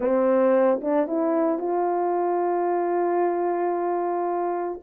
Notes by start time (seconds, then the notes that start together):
0.00 C4
0.81 D4
1.07 E4
1.59 F4